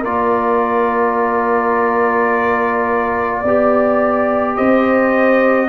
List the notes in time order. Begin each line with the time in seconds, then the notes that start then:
0.00 A#3 F4 A#4 D5
3.41 B3 G4 D5
4.56 C4 C5 D#5